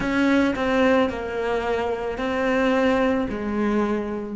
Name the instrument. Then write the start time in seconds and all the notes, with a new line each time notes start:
cello
0.00 C#4
0.55 C4
1.09 A#3
2.18 C4
3.29 G#3